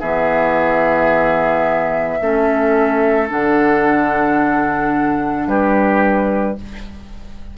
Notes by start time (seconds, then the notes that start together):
0.00 E3 B3 G#4 E5
2.21 A3 C#4 A4
3.28 D3 D4 F#5
5.47 G3 G4 B4